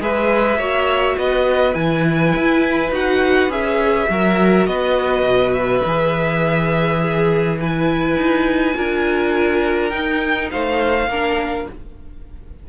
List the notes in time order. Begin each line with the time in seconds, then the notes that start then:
0.00 G#3 G#4 B4 E5
0.58 A#3 F#4 C#5
1.17 B3 B4 D#5
1.74 E3 E4 G#5
2.35 E4
2.91 D#4 F#4 F#5
3.49 C#4 G#4 E5
4.09 F#3 F#4 A#4
4.66 B3 B4 D#5
5.22 B2
5.53 E5
5.85 E3 G#4
7.01 G#4
7.60 E4 B4 G#5
8.16 D#4
8.74 D4 F4 A#4
9.89 D#4 G5
10.51 A3 C5 F5
11.07 A#3 D4 A#4